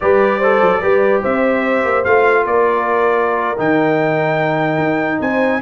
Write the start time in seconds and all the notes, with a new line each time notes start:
0.00 G3 G4 B4 D5
0.38 A4 C5
0.61 F#3
0.81 G3 G4 B4
1.21 C4 C5 E5
1.84 A#3
2.04 A3 F4 F5
2.45 A#3 A#4 D5
3.57 D#3 D#4 G5
4.78 D#4
5.19 C4 C5 G#5